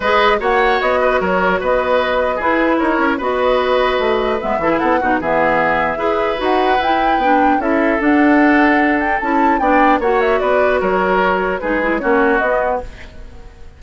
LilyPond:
<<
  \new Staff \with { instrumentName = "flute" } { \time 4/4 \tempo 4 = 150 dis''4 fis''4 dis''4 cis''4 | dis''2 b'4 cis''4 | dis''2. e''4 | fis''4 e''2. |
fis''4 g''2 e''4 | fis''2~ fis''8 g''8 a''4 | g''4 fis''8 e''8 d''4 cis''4~ | cis''4 b'4 cis''4 dis''4 | }
  \new Staff \with { instrumentName = "oboe" } { \time 4/4 b'4 cis''4. b'8 ais'4 | b'2 gis'4 ais'4 | b'2.~ b'8 a'16 gis'16 | a'8 fis'8 gis'2 b'4~ |
b'2. a'4~ | a'1 | d''4 cis''4 b'4 ais'4~ | ais'4 gis'4 fis'2 | }
  \new Staff \with { instrumentName = "clarinet" } { \time 4/4 gis'4 fis'2.~ | fis'2 e'2 | fis'2. b8 e'8~ | e'8 dis'8 b2 gis'4 |
fis'4 e'4 d'4 e'4 | d'2. e'4 | d'4 fis'2.~ | fis'4 dis'8 e'8 cis'4 b4 | }
  \new Staff \with { instrumentName = "bassoon" } { \time 4/4 gis4 ais4 b4 fis4 | b2 e'4 dis'8 cis'8 | b2 a4 gis8 e8 | b8 b,8 e2 e'4 |
dis'4 e'4 b4 cis'4 | d'2. cis'4 | b4 ais4 b4 fis4~ | fis4 gis4 ais4 b4 | }
>>